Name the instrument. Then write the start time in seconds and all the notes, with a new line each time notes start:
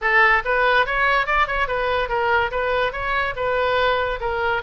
oboe
0.01 A4
0.44 B4
0.86 C#5
1.26 D5
1.47 C#5
1.67 B4
2.09 A#4
2.51 B4
2.92 C#5
3.35 B4
4.20 A#4